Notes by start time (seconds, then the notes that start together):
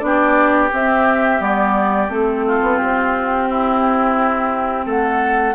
0.00 B3 D4 G4 D5
0.73 C4 E5
1.39 G3 B3 D5
2.09 A3 C4 A4
2.46 F4
2.62 B3
2.79 C4 G4
3.49 E4
4.86 A3 A4 F#5